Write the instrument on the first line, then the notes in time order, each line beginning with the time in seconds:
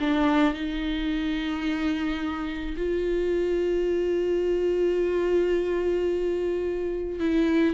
viola
0.00 D4
0.54 D#4
2.77 F4
7.20 E4